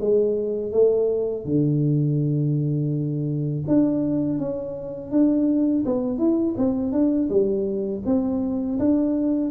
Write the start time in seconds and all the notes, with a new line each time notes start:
0.00 G#3
0.71 A3
1.45 D3
3.67 D4
4.38 C#4
5.11 D4
5.85 B3
6.18 E4
6.57 C4
6.92 D4
7.29 G3
8.05 C4
8.79 D4